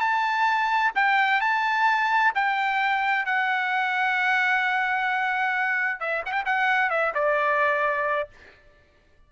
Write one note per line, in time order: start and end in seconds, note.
0.00 0.92 A5
0.95 1.41 G5
1.41 2.32 A5
2.35 3.25 G5
3.25 6.00 F#5
6.00 6.23 E5
6.25 6.32 F#5
6.32 6.44 G5
6.46 6.90 F#5
6.90 7.13 E5
7.15 8.29 D5